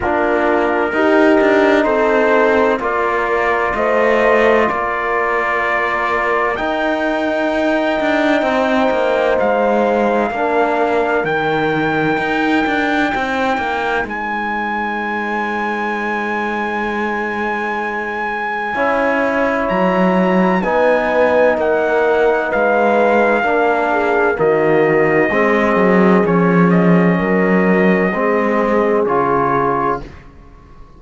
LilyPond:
<<
  \new Staff \with { instrumentName = "trumpet" } { \time 4/4 \tempo 4 = 64 ais'2 c''4 d''4 | dis''4 d''2 g''4~ | g''2 f''2 | g''2. gis''4~ |
gis''1~ | gis''4 ais''4 gis''4 fis''4 | f''2 dis''2 | cis''8 dis''2~ dis''8 cis''4 | }
  \new Staff \with { instrumentName = "horn" } { \time 4/4 f'4 g'4 a'4 ais'4 | c''4 ais'2.~ | ais'4 c''2 ais'4~ | ais'2 c''2~ |
c''1 | cis''2 b'4 ais'4 | b'4 ais'8 gis'8 fis'4 gis'4~ | gis'4 ais'4 gis'2 | }
  \new Staff \with { instrumentName = "trombone" } { \time 4/4 d'4 dis'2 f'4~ | f'2. dis'4~ | dis'2. d'4 | dis'1~ |
dis'1 | e'2 dis'2~ | dis'4 d'4 ais4 c'4 | cis'2 c'4 f'4 | }
  \new Staff \with { instrumentName = "cello" } { \time 4/4 ais4 dis'8 d'8 c'4 ais4 | a4 ais2 dis'4~ | dis'8 d'8 c'8 ais8 gis4 ais4 | dis4 dis'8 d'8 c'8 ais8 gis4~ |
gis1 | cis'4 fis4 b4 ais4 | gis4 ais4 dis4 gis8 fis8 | f4 fis4 gis4 cis4 | }
>>